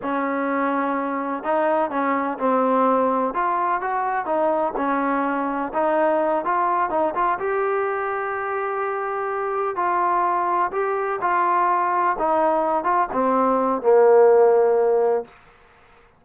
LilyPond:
\new Staff \with { instrumentName = "trombone" } { \time 4/4 \tempo 4 = 126 cis'2. dis'4 | cis'4 c'2 f'4 | fis'4 dis'4 cis'2 | dis'4. f'4 dis'8 f'8 g'8~ |
g'1~ | g'8 f'2 g'4 f'8~ | f'4. dis'4. f'8 c'8~ | c'4 ais2. | }